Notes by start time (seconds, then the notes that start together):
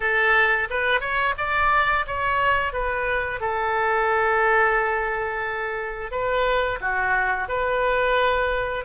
0.00 A4
0.70 B4
1.00 C#5
1.37 D5
2.06 C#5
2.72 B4
3.40 A4
6.11 B4
6.81 F#4
7.48 B4